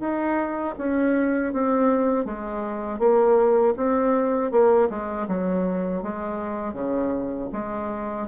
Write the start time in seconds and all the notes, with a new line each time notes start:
0.00 D#4
0.78 C#4
1.53 C4
2.25 G#3
2.99 A#3
3.77 C4
4.52 A#3
4.90 G#3
5.28 F#3
6.03 G#3
6.74 C#3
7.53 G#3